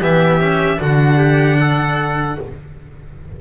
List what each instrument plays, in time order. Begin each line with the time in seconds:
0.00 double bass E3, cello B3, trumpet G4, violin E5
0.41 cello C#4
0.77 double bass D3, cello D4, trumpet F#4, violin F#5
1.18 trumpet G4
1.60 trumpet A4